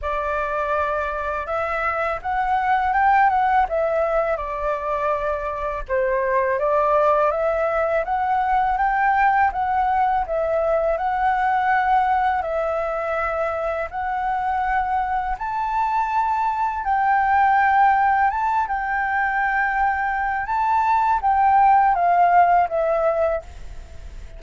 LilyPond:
\new Staff \with { instrumentName = "flute" } { \time 4/4 \tempo 4 = 82 d''2 e''4 fis''4 | g''8 fis''8 e''4 d''2 | c''4 d''4 e''4 fis''4 | g''4 fis''4 e''4 fis''4~ |
fis''4 e''2 fis''4~ | fis''4 a''2 g''4~ | g''4 a''8 g''2~ g''8 | a''4 g''4 f''4 e''4 | }